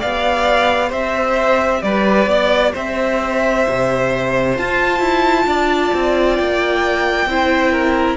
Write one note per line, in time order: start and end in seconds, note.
0.00 0.92 B3
0.00 4.56 G4
0.00 0.89 D5
0.00 0.92 F5
0.89 1.83 C4
0.89 1.80 C5
0.89 1.83 E5
1.83 2.27 G3
1.83 2.30 B4
1.83 2.73 D5
2.27 2.72 B3
2.27 2.73 D5
2.73 3.67 C4
2.73 5.46 C5
2.73 4.57 E5
3.69 4.59 C3
4.56 7.28 F4
4.56 5.00 F4
4.56 6.36 A5
5.00 5.46 E4
5.46 5.92 D4
5.46 7.29 D5
5.94 6.39 C4
6.36 7.27 A#3
6.36 8.17 G5
7.27 8.17 C4
7.27 8.17 E4
7.27 7.72 C5
7.72 8.17 A#4